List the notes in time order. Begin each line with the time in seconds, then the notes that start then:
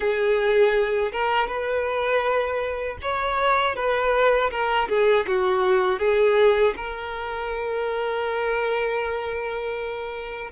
0.00 G#4
1.11 A#4
1.47 B4
3.01 C#5
3.75 B4
4.50 A#4
4.88 G#4
5.27 F#4
5.99 G#4
6.76 A#4